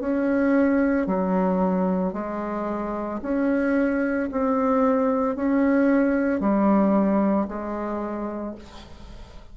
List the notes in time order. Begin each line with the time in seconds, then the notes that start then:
0.00 C#4
1.06 F#3
2.13 G#3
3.22 C#4
4.31 C4
5.35 C#4
6.40 G3
7.48 G#3